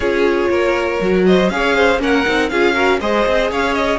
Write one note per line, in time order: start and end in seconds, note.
0.00 0.47 C#4
0.00 1.00 F4
0.00 0.50 G#4
0.00 1.23 C#5
0.49 0.99 A#3
0.49 1.25 A#4
1.00 1.49 F#3
1.00 1.50 F#4
1.26 1.52 C5
1.26 1.49 D#5
1.49 1.99 C#4
1.49 1.99 G#4
1.49 1.75 C#5
1.49 1.99 F5
1.75 2.00 C5
1.99 2.24 A#3
1.99 2.24 C#4
1.99 2.51 A#4
1.99 2.49 F#5
2.25 2.51 C4
2.25 2.50 D#4
2.49 3.00 C#4
2.49 2.74 F4
2.49 2.74 G#4
2.49 2.99 F5
2.74 2.99 F#4
2.74 2.99 A#4
3.00 3.25 G#3
3.00 3.99 G#4
3.00 3.50 C5
3.00 3.50 D#5
3.26 3.50 C4
3.50 3.99 C#4
3.50 3.99 C#5
3.50 3.73 F5
3.73 3.98 D#5